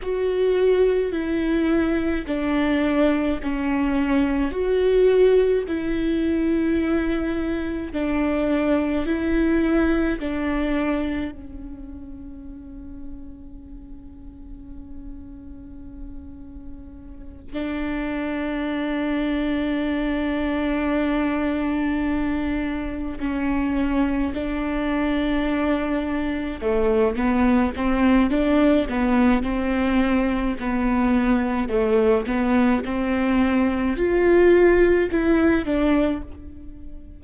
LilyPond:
\new Staff \with { instrumentName = "viola" } { \time 4/4 \tempo 4 = 53 fis'4 e'4 d'4 cis'4 | fis'4 e'2 d'4 | e'4 d'4 cis'2~ | cis'2.~ cis'8 d'8~ |
d'1~ | d'8 cis'4 d'2 a8 | b8 c'8 d'8 b8 c'4 b4 | a8 b8 c'4 f'4 e'8 d'8 | }